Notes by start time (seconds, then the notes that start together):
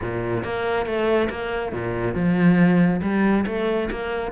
0.01 A#2
0.43 A#3
0.85 A3
1.30 A#3
1.72 A#2
2.14 F3
3.02 G3
3.46 A3
3.90 A#3